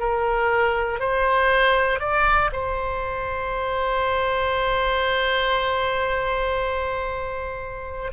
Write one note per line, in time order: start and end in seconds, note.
0.00 1.00 A#4
1.00 2.00 C5
2.00 2.51 D5
2.52 8.12 C5